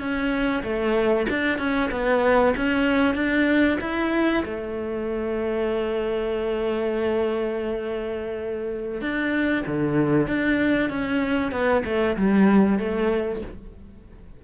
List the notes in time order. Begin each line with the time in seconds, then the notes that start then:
0.00 C#4
0.63 A3
1.30 D4
1.59 C#4
1.91 B3
2.57 C#4
3.15 D4
3.81 E4
4.45 A3
9.01 D4
9.67 D3
10.28 D4
10.90 C#4
11.52 B3
11.85 A3
12.17 G3
12.79 A3